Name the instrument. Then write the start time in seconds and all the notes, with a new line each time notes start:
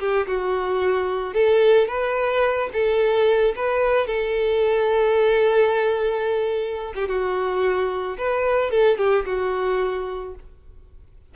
violin
0.00 G4
0.28 F#4
1.34 A4
1.88 B4
2.73 A4
3.56 B4
4.08 A4
6.96 G4
7.09 F#4
8.18 B4
8.71 A4
8.98 G4
9.26 F#4